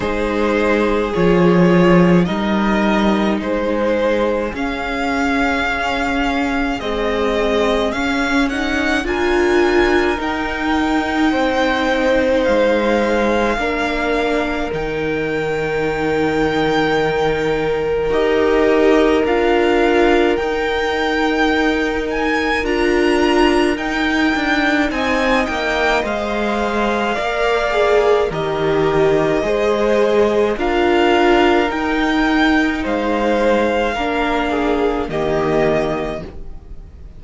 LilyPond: <<
  \new Staff \with { instrumentName = "violin" } { \time 4/4 \tempo 4 = 53 c''4 cis''4 dis''4 c''4 | f''2 dis''4 f''8 fis''8 | gis''4 g''2 f''4~ | f''4 g''2. |
dis''4 f''4 g''4. gis''8 | ais''4 g''4 gis''8 g''8 f''4~ | f''4 dis''2 f''4 | g''4 f''2 dis''4 | }
  \new Staff \with { instrumentName = "violin" } { \time 4/4 gis'2 ais'4 gis'4~ | gis'1 | ais'2 c''2 | ais'1~ |
ais'1~ | ais'2 dis''2 | d''4 ais'4 c''4 ais'4~ | ais'4 c''4 ais'8 gis'8 g'4 | }
  \new Staff \with { instrumentName = "viola" } { \time 4/4 dis'4 f'4 dis'2 | cis'2 gis4 cis'8 dis'8 | f'4 dis'2. | d'4 dis'2. |
g'4 f'4 dis'2 | f'4 dis'2 c''4 | ais'8 gis'8 g'4 gis'4 f'4 | dis'2 d'4 ais4 | }
  \new Staff \with { instrumentName = "cello" } { \time 4/4 gis4 f4 g4 gis4 | cis'2 c'4 cis'4 | d'4 dis'4 c'4 gis4 | ais4 dis2. |
dis'4 d'4 dis'2 | d'4 dis'8 d'8 c'8 ais8 gis4 | ais4 dis4 gis4 d'4 | dis'4 gis4 ais4 dis4 | }
>>